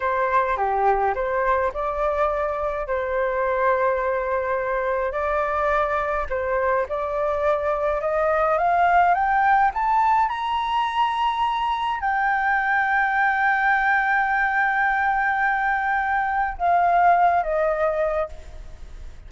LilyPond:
\new Staff \with { instrumentName = "flute" } { \time 4/4 \tempo 4 = 105 c''4 g'4 c''4 d''4~ | d''4 c''2.~ | c''4 d''2 c''4 | d''2 dis''4 f''4 |
g''4 a''4 ais''2~ | ais''4 g''2.~ | g''1~ | g''4 f''4. dis''4. | }